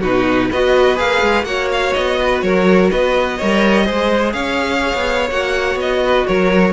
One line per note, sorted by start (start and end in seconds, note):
0.00 0.49 B2
0.00 0.51 D#4
0.00 0.48 F#4
0.00 0.51 B4
0.49 0.99 B3
0.49 0.96 F#4
0.49 1.46 B4
0.49 0.98 D#5
0.96 1.22 A#3
0.96 1.44 G#4
0.96 1.44 F5
1.22 1.43 G#3
1.43 1.91 A#3
1.43 3.38 F#4
1.43 2.19 C#5
1.43 1.68 F#5
1.72 1.93 F5
1.93 2.42 B3
1.93 2.41 D#5
2.21 2.44 B4
2.41 2.90 F#3
2.41 2.90 A#4
2.41 2.89 C#5
2.90 3.40 B3
2.90 3.37 B4
2.90 4.32 D#5
3.37 3.89 G3
3.37 3.84 A#4
3.37 3.85 C#5
3.84 4.33 G#3
3.84 5.28 G#4
3.84 4.33 C5
4.32 4.93 C#4
4.32 6.03 C#5
4.32 5.28 F5
4.94 5.30 B3
5.30 5.75 A#3
5.30 6.72 F#4
5.30 5.79 F#5
5.75 6.23 B3
5.75 6.27 D#5
6.03 6.27 B4
6.27 6.72 F#3
6.27 6.72 A#4
6.27 6.72 C#5